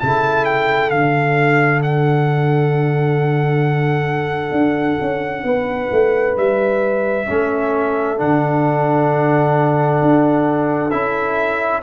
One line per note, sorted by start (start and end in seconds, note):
0.00 0.91 C#3
0.00 0.91 E4
0.00 5.45 A4
0.00 0.45 A5
0.45 0.90 G5
0.90 4.51 D3
0.90 7.27 D4
0.90 1.81 F5
1.83 6.37 F#5
4.51 4.97 D4
5.01 5.44 C#4
5.44 5.89 B3
5.44 7.27 B4
5.91 6.37 A3
6.37 7.28 G3
6.37 8.19 E5
7.27 8.20 A3
7.27 8.17 C#4
7.27 11.82 A4
8.17 10.02 D3
8.17 10.90 D4
8.17 10.91 F#5
10.02 10.92 D4
10.91 11.83 C#4
10.91 11.83 E4
10.91 11.81 E5